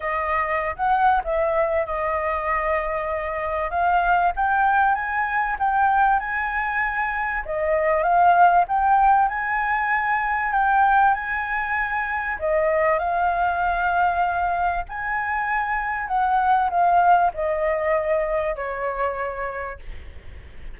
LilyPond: \new Staff \with { instrumentName = "flute" } { \time 4/4 \tempo 4 = 97 dis''4~ dis''16 fis''8. e''4 dis''4~ | dis''2 f''4 g''4 | gis''4 g''4 gis''2 | dis''4 f''4 g''4 gis''4~ |
gis''4 g''4 gis''2 | dis''4 f''2. | gis''2 fis''4 f''4 | dis''2 cis''2 | }